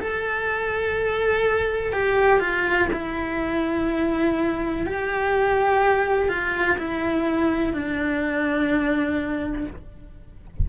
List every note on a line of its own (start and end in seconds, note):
0.00 1.92 A4
1.92 2.39 G4
2.39 2.88 F4
2.92 4.86 E4
4.86 6.28 G4
6.28 6.77 F4
6.78 7.73 E4
7.73 9.66 D4